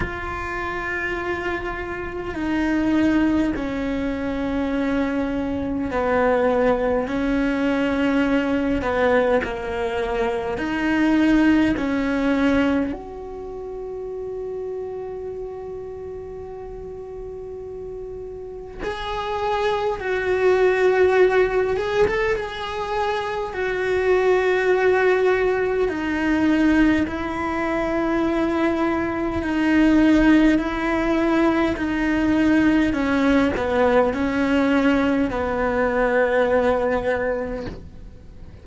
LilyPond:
\new Staff \with { instrumentName = "cello" } { \time 4/4 \tempo 4 = 51 f'2 dis'4 cis'4~ | cis'4 b4 cis'4. b8 | ais4 dis'4 cis'4 fis'4~ | fis'1 |
gis'4 fis'4. gis'16 a'16 gis'4 | fis'2 dis'4 e'4~ | e'4 dis'4 e'4 dis'4 | cis'8 b8 cis'4 b2 | }